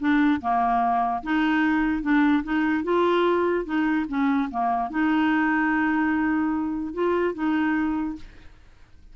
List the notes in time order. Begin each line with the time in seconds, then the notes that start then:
0.00 D4
0.41 A#3
1.23 D#4
2.02 D4
2.44 D#4
2.84 F4
3.65 D#4
4.09 C#4
4.51 A#3
4.90 D#4
6.94 F4
7.35 D#4